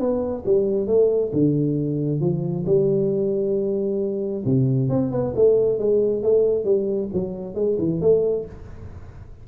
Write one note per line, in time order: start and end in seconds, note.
0.00 0.44 B3
0.46 0.87 G3
0.87 1.32 A3
1.33 2.21 D3
2.21 2.65 F3
2.67 4.44 G3
4.46 4.90 C3
4.90 5.12 C4
5.12 5.34 B3
5.36 5.79 A3
5.79 6.23 G#3
6.23 6.65 A3
6.65 7.09 G3
7.14 7.55 F#3
7.55 7.77 G#3
7.79 8.01 E3
8.01 8.46 A3